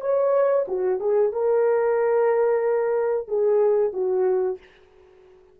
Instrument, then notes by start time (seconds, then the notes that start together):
horn
0.00 C#5
0.67 F#4
1.00 G#4
1.32 A#4
3.27 G#4
3.92 F#4